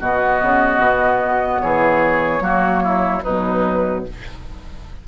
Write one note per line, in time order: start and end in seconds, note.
0.00 0.42 B2
0.00 2.40 B3
0.00 1.62 F#4
0.00 1.61 D#5
0.43 0.79 C#3
0.79 1.60 B2
1.61 2.41 E3
1.61 2.44 G#4
1.61 3.23 C#5
2.40 3.22 F#3
2.40 3.21 A#3
2.40 2.84 F#4
2.84 3.24 E4
3.23 4.08 B2
3.23 4.08 F#3
3.23 4.05 D#4
3.23 4.05 B4